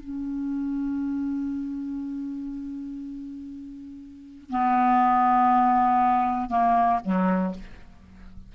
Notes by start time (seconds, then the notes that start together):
0.00 C#4
4.50 B3
6.49 A#3
7.04 F#3